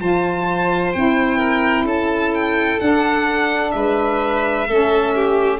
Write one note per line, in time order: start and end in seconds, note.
0.00 0.94 F3
0.00 0.94 F4
0.00 1.38 C5
0.00 0.92 A5
0.92 1.84 C4
0.92 2.79 E4
0.92 1.86 G5
1.38 1.85 A#4
1.84 2.78 C#4
1.84 3.73 A4
1.84 2.34 A5
2.34 2.80 G5
2.79 4.67 D4
2.79 3.74 D4
2.79 3.71 F#5
3.71 4.68 G#3
3.71 4.68 B4
3.71 5.58 E5
4.68 5.60 A3
4.68 5.60 C#4
4.68 5.14 A4
5.15 5.60 G4